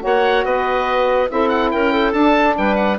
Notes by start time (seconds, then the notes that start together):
0.00 A#3 F#4 C#5
0.06 F#5
0.45 B3 B4 D#5
1.28 C4 E4 A4 E5
1.49 F#5
1.71 C#4 A#4 G5
1.93 A4
2.13 D4 A5
2.58 G3 B4 G5
2.76 F#5